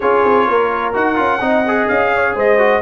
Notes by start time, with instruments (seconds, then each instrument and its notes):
0.00 tuba C#4, trombone F4, horn G#4, trumpet C#5
0.24 tuba C4
0.46 tuba A#3, horn A#4
0.93 tuba D#4, trombone F#4, trumpet F#5
1.15 tuba C#4, trombone F4
1.40 tuba C4, trombone D#4, horn D#5
1.67 trombone G#4
1.88 tuba C#4, trumpet F5
2.15 horn C#5
2.35 tuba G#3, horn C5, trumpet D#5
2.58 trombone F#4